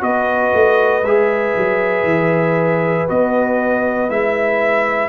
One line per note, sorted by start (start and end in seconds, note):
0.00 0.53 B3
0.00 1.02 F#4
0.00 5.08 B4
0.00 1.04 D#5
0.53 1.03 A3
1.03 1.54 G#3
1.03 3.07 G#4
1.03 3.08 E5
1.56 2.03 F#3
2.03 3.05 E3
3.07 4.09 B3
3.07 4.09 F#4
3.07 4.10 D#5
4.09 5.08 G#3
4.09 5.08 E4
4.09 5.08 E5